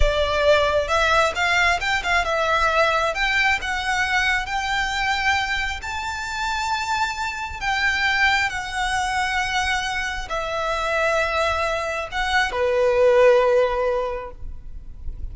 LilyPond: \new Staff \with { instrumentName = "violin" } { \time 4/4 \tempo 4 = 134 d''2 e''4 f''4 | g''8 f''8 e''2 g''4 | fis''2 g''2~ | g''4 a''2.~ |
a''4 g''2 fis''4~ | fis''2. e''4~ | e''2. fis''4 | b'1 | }